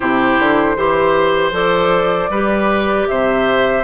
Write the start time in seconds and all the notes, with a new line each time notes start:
0.00 C3 E4 G4 C5
0.39 D3
0.76 E3 G4 C5
1.51 F3 A4 D5
2.29 G3 G4 B4
3.07 C3 C5 E5